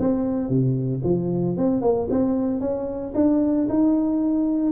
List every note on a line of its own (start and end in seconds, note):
0.00 0.49 C4
0.49 1.03 C3
1.04 1.57 F3
1.57 1.82 C4
1.82 2.08 A#3
2.10 2.61 C4
2.61 3.14 C#4
3.15 3.68 D4
3.70 4.72 D#4